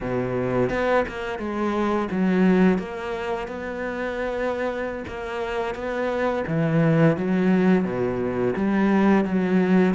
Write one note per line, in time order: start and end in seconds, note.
0.00 0.69 B2
0.69 1.04 B3
1.08 1.38 A#3
1.38 2.08 G#3
2.11 2.78 F#3
2.78 3.47 A#3
3.47 5.04 B3
5.07 5.74 A#3
5.74 6.44 B3
6.47 7.16 E3
7.16 7.84 F#3
7.84 8.54 B2
8.56 9.24 G3
9.24 9.94 F#3